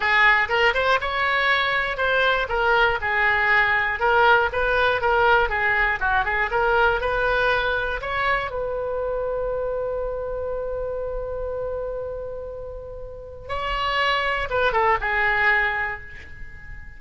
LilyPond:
\new Staff \with { instrumentName = "oboe" } { \time 4/4 \tempo 4 = 120 gis'4 ais'8 c''8 cis''2 | c''4 ais'4 gis'2 | ais'4 b'4 ais'4 gis'4 | fis'8 gis'8 ais'4 b'2 |
cis''4 b'2.~ | b'1~ | b'2. cis''4~ | cis''4 b'8 a'8 gis'2 | }